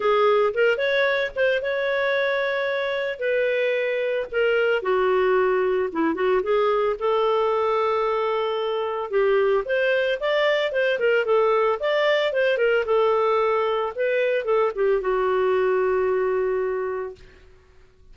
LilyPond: \new Staff \with { instrumentName = "clarinet" } { \time 4/4 \tempo 4 = 112 gis'4 ais'8 cis''4 c''8 cis''4~ | cis''2 b'2 | ais'4 fis'2 e'8 fis'8 | gis'4 a'2.~ |
a'4 g'4 c''4 d''4 | c''8 ais'8 a'4 d''4 c''8 ais'8 | a'2 b'4 a'8 g'8 | fis'1 | }